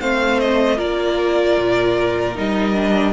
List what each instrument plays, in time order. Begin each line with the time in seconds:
0.00 cello A3, viola C4, violin C5 F5
0.40 violin D#5
0.77 cello A#3, viola F4, violin A#4 D5
1.59 cello A#2
2.35 cello G3, viola D#4, violin D#5
2.74 viola D4